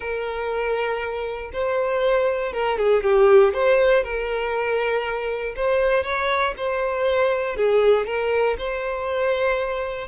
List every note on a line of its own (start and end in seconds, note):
0.00 1.51 A#4
1.52 2.52 C5
2.52 2.78 A#4
2.78 3.03 G#4
3.03 3.53 G4
3.53 4.03 C5
4.03 5.54 A#4
5.56 6.03 C5
6.03 6.54 C#5
6.57 7.56 C5
7.56 8.06 G#4
8.06 8.56 A#4
8.58 10.07 C5